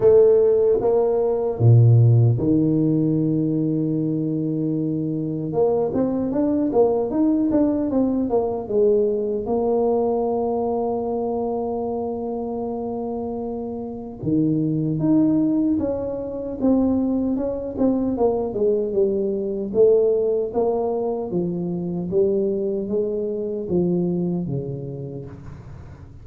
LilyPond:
\new Staff \with { instrumentName = "tuba" } { \time 4/4 \tempo 4 = 76 a4 ais4 ais,4 dis4~ | dis2. ais8 c'8 | d'8 ais8 dis'8 d'8 c'8 ais8 gis4 | ais1~ |
ais2 dis4 dis'4 | cis'4 c'4 cis'8 c'8 ais8 gis8 | g4 a4 ais4 f4 | g4 gis4 f4 cis4 | }